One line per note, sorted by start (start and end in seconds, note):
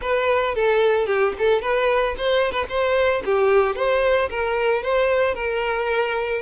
0.01 0.54 B4
0.54 1.06 A4
1.06 1.33 G4
1.38 1.61 A4
1.61 2.15 B4
2.17 2.52 C5
2.52 2.65 B4
2.69 3.22 C5
3.25 3.75 G4
3.75 4.29 C5
4.29 4.82 A#4
4.82 5.34 C5
5.34 6.41 A#4